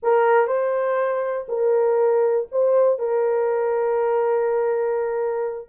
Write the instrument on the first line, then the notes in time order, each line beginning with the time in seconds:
horn
0.02 A#4
0.47 C5
1.48 A#4
2.51 C5
2.98 A#4